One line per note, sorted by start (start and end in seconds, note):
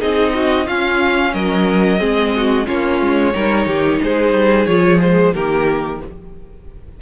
0.00 0.69 C4
0.00 0.67 D#4
0.00 0.33 G#4
0.00 0.68 D#5
0.35 0.66 F#4
0.66 1.34 C#4
0.66 1.99 C#4
0.66 1.33 F4
0.66 1.34 F5
1.34 2.01 F#3
1.34 2.00 A#4
1.34 2.68 D#5
1.99 2.68 G#3
1.99 2.65 C4
1.99 2.33 G#4
2.37 2.67 F#4
2.66 3.01 A#3
2.66 3.33 C#4
2.66 3.34 F4
2.66 4.02 C#5
3.01 3.35 G#3
3.35 3.66 G3
3.35 4.68 D#4
3.35 3.67 A#4
3.66 4.00 D#3
3.66 4.01 G4
4.03 4.33 G#3
4.03 5.34 G#4
4.03 4.67 C5
4.33 4.67 G3
4.67 5.34 F3
4.67 5.00 F4
4.67 5.00 C#5
5.00 5.33 G#3
5.00 5.35 C5
5.34 6.02 D#3
5.34 6.02 A#3
5.34 6.01 G4
5.34 6.02 A#4